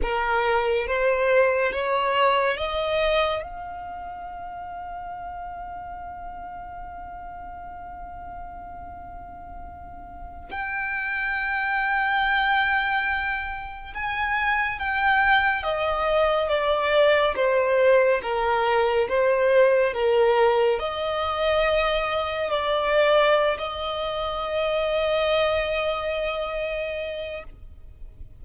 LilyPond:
\new Staff \with { instrumentName = "violin" } { \time 4/4 \tempo 4 = 70 ais'4 c''4 cis''4 dis''4 | f''1~ | f''1~ | f''16 g''2.~ g''8.~ |
g''16 gis''4 g''4 dis''4 d''8.~ | d''16 c''4 ais'4 c''4 ais'8.~ | ais'16 dis''2 d''4~ d''16 dis''8~ | dis''1 | }